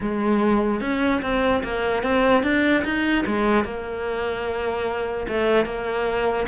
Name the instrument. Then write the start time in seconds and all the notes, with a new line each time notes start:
cello
0.01 G#3
0.81 C#4
1.22 C4
1.63 A#3
2.02 C4
2.43 D4
2.84 D#4
3.26 G#3
3.64 A#3
5.27 A3
5.65 A#3